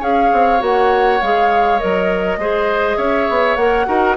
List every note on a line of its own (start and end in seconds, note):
0.00 0.31 C#4
0.00 0.59 G#4
0.00 2.38 C#5
0.00 0.62 F5
0.33 0.61 C4
0.59 1.21 A#3
0.59 1.19 F#4
0.59 1.21 F#5
1.21 1.81 G#3
1.21 1.79 G#4
1.21 1.79 F5
1.79 2.37 F#3
1.79 2.39 A#4
1.79 2.98 D#5
2.37 2.96 G#3
2.37 3.58 G#4
2.37 2.97 C5
2.97 3.27 C#4
2.97 3.86 C#5
2.97 3.56 E5
3.30 3.56 B3
3.56 3.86 A#3
3.56 3.86 A#4
3.56 4.15 F#5
3.86 4.17 D#4
3.86 4.16 F#4
3.86 4.17 A#4